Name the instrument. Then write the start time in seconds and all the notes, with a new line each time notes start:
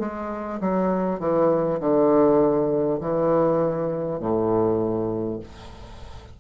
bassoon
0.00 G#3
0.61 F#3
1.19 E3
1.80 D3
3.01 E3
4.20 A2